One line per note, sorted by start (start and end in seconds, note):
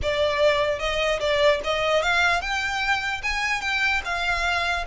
0.02 0.79 D5
0.79 1.19 D#5
1.20 1.60 D5
1.63 2.02 D#5
2.02 2.41 F5
2.41 3.21 G5
3.22 3.61 G#5
3.61 4.01 G5
4.04 4.85 F5